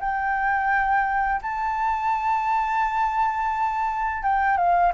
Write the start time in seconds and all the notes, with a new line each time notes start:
0.00 G5
1.42 A5
4.23 G5
4.57 F5